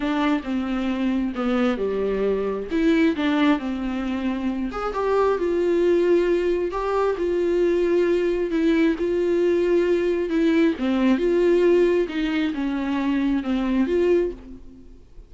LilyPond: \new Staff \with { instrumentName = "viola" } { \time 4/4 \tempo 4 = 134 d'4 c'2 b4 | g2 e'4 d'4 | c'2~ c'8 gis'8 g'4 | f'2. g'4 |
f'2. e'4 | f'2. e'4 | c'4 f'2 dis'4 | cis'2 c'4 f'4 | }